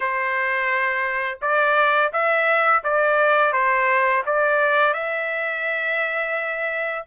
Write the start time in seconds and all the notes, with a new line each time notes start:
0.00 C5
1.41 D5
2.12 E5
2.83 D5
3.52 C5
4.26 D5
4.93 E5